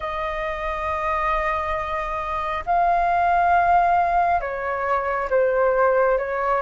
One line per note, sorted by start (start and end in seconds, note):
0.00 2.64 D#5
2.66 4.40 F5
4.40 5.29 C#5
5.30 6.18 C5
6.18 6.61 C#5